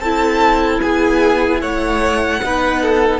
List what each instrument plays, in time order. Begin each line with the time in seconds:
0.00 cello C4, viola E4, violin A4 A5
0.81 cello B3, violin G#4 G#5
1.61 cello A3, violin C#5 F#5
2.43 cello B3, viola D#4, violin B4
2.82 violin A4